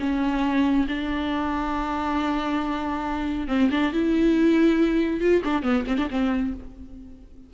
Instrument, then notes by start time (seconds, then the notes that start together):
viola
0.00 C#4
0.88 D4
3.48 C4
3.71 D4
3.93 E4
5.21 F4
5.45 D4
5.63 B3
5.87 C4
5.98 D4
6.10 C4